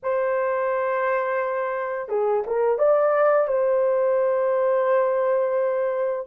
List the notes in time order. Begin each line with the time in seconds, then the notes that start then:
0.03 C5
2.08 G#4
2.46 A#4
2.78 D5
3.47 C5